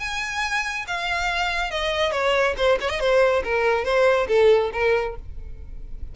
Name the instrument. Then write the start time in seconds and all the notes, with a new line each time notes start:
violin
0.00 G#5
0.87 F5
1.71 D#5
2.12 C#5
2.57 C5
2.81 C#5
2.90 D#5
3.00 C5
3.44 A#4
3.85 C5
4.28 A4
4.73 A#4